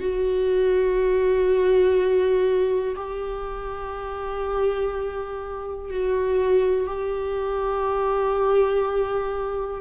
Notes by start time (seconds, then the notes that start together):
0.00 F#4
2.96 G4
5.90 F#4
6.86 G4